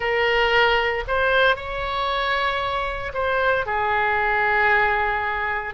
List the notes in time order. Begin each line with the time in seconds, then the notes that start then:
0.00 A#4
1.07 C5
1.55 C#5
3.13 C5
3.65 G#4